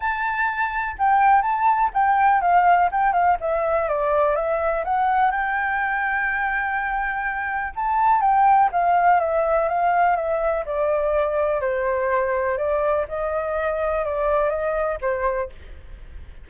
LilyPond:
\new Staff \with { instrumentName = "flute" } { \time 4/4 \tempo 4 = 124 a''2 g''4 a''4 | g''4 f''4 g''8 f''8 e''4 | d''4 e''4 fis''4 g''4~ | g''1 |
a''4 g''4 f''4 e''4 | f''4 e''4 d''2 | c''2 d''4 dis''4~ | dis''4 d''4 dis''4 c''4 | }